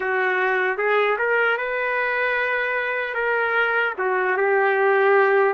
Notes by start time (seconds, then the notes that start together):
0.00 F#4
0.77 G#4
1.18 A#4
1.57 B4
3.14 A#4
3.98 F#4
4.37 G4